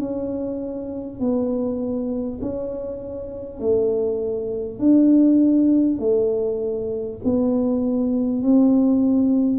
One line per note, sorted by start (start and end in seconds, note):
0.00 1.19 C#4
1.19 2.39 B3
2.42 3.59 C#4
3.59 4.79 A3
4.79 5.99 D4
5.99 7.19 A3
7.24 8.43 B3
8.43 9.59 C4